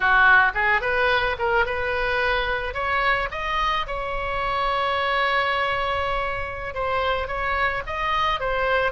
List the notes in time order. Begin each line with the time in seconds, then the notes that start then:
0.00 F#4
0.54 G#4
0.81 B4
1.39 A#4
1.65 B4
2.73 C#5
3.31 D#5
3.87 C#5
6.74 C5
7.27 C#5
7.86 D#5
8.39 C5